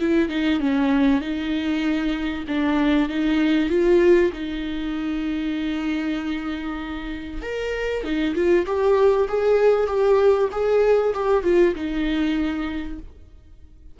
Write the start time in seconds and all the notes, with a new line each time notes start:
0.00 E4
0.29 D#4
0.60 C#4
1.21 D#4
2.48 D4
3.09 D#4
3.70 F4
4.33 D#4
7.42 A#4
8.04 D#4
8.35 F4
8.66 G4
9.28 G#4
9.87 G4
10.52 G#4
11.14 G4
11.44 F4
11.75 D#4